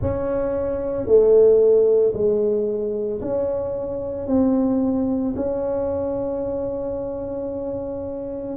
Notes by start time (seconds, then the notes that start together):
0.01 C#4
1.06 A3
2.13 G#3
3.21 C#4
4.27 C4
5.36 C#4